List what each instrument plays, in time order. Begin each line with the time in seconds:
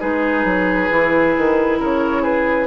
0.00 bassoon G#3, clarinet D#4, oboe G#4, flute B4
0.45 bassoon F#3
0.90 bassoon E3, clarinet E4
1.38 bassoon D#3
1.79 bassoon C#3, oboe A#4, flute C#5
2.22 oboe G#4, flute B4